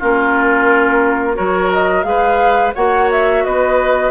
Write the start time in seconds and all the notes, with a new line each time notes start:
0.00 A#3 C#4 F4 A#4
1.35 F#3 F#4 A#4 C#5
1.73 D#5
2.04 G#3 G#4 B4 F5
2.75 A#3 F#4 C#5 F#5
3.12 E5
3.45 B3 B4 D#5